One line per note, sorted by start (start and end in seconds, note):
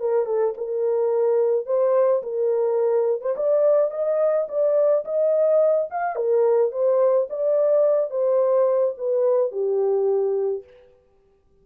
0.00 0.26 A#4
0.26 0.54 A4
0.57 1.66 A#4
1.66 2.23 C5
2.23 3.21 A#4
3.21 3.35 C5
3.37 3.91 D5
3.91 4.47 D#5
4.49 5.05 D5
5.05 5.89 D#5
5.90 6.16 F5
6.16 6.72 A#4
6.72 7.28 C5
7.30 8.11 D5
8.11 8.95 C5
8.98 9.52 B4
9.52 10.64 G4